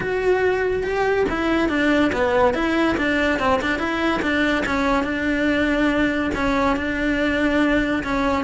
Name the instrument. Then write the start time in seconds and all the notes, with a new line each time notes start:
cello
0.00 F#4
0.83 G4
1.29 E4
1.68 D4
2.12 B3
2.54 E4
2.97 D4
3.39 C4
3.61 D4
3.78 E4
4.22 D4
4.66 C#4
5.03 D4
6.35 C#4
6.76 D4
8.03 C#4